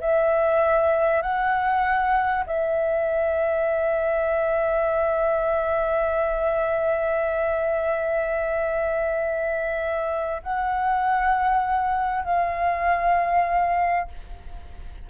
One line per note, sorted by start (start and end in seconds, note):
0.00 1.22 E5
1.22 2.44 F#5
2.46 10.42 E5
10.42 12.24 F#5
12.24 14.08 F5